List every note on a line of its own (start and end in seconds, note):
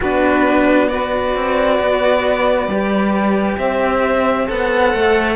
0.00 1.34 B3
0.00 0.89 D4
0.00 0.90 F#4
0.00 0.87 B4
0.87 2.68 F#4
0.87 3.58 B4
0.87 3.56 D5
1.34 1.79 C4
1.80 2.67 B3
2.67 3.56 G3
2.67 4.47 G4
3.57 4.47 C4
3.57 5.36 C5
3.57 4.47 E5
4.47 4.93 B3
4.47 5.36 A4
4.47 5.36 F#5
4.93 5.36 A3